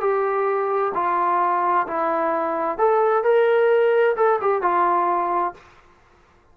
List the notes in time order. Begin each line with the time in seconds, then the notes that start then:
0.00 G4
0.94 F4
1.87 E4
2.78 A4
3.23 A#4
4.16 A4
4.41 G4
4.62 F4